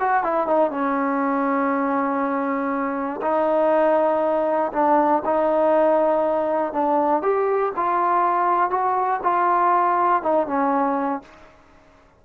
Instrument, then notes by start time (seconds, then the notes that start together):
trombone
0.00 F#4
0.23 E4
0.47 D#4
0.71 C#4
3.22 D#4
4.72 D4
5.25 D#4
6.73 D4
7.22 G4
7.76 F4
8.70 F#4
9.23 F4
10.23 D#4
10.47 C#4